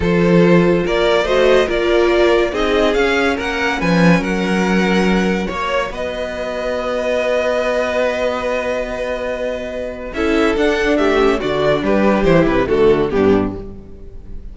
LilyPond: <<
  \new Staff \with { instrumentName = "violin" } { \time 4/4 \tempo 4 = 142 c''2 d''4 dis''4 | d''2 dis''4 f''4 | fis''4 gis''4 fis''2~ | fis''4 cis''4 dis''2~ |
dis''1~ | dis''1 | e''4 fis''4 e''4 d''4 | b'4 c''8 b'8 a'4 g'4 | }
  \new Staff \with { instrumentName = "violin" } { \time 4/4 a'2 ais'4 c''4 | ais'2 gis'2 | ais'4 b'4 ais'2~ | ais'4 cis''4 b'2~ |
b'1~ | b'1 | a'2 g'4 fis'4 | g'2 fis'4 d'4 | }
  \new Staff \with { instrumentName = "viola" } { \time 4/4 f'2. fis'4 | f'2 dis'4 cis'4~ | cis'1~ | cis'4 fis'2.~ |
fis'1~ | fis'1 | e'4 d'4. cis'8 d'4~ | d'4 e'4 a4 b4 | }
  \new Staff \with { instrumentName = "cello" } { \time 4/4 f2 ais4 a4 | ais2 c'4 cis'4 | ais4 f4 fis2~ | fis4 ais4 b2~ |
b1~ | b1 | cis'4 d'4 a4 d4 | g4 e8 c8 d4 g,4 | }
>>